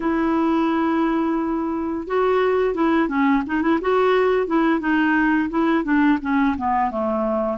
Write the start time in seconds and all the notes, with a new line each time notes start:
0.00 E4
2.07 F#4
2.74 E4
3.08 C#4
3.46 D#4
3.61 E4
3.81 F#4
4.46 E4
4.80 D#4
5.49 E4
5.83 D4
6.21 C#4
6.57 B3
6.90 A3